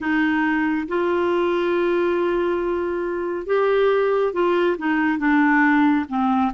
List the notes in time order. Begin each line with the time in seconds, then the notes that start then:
0.00 D#4
0.88 F4
3.46 G4
4.33 F4
4.78 D#4
5.18 D4
6.09 C4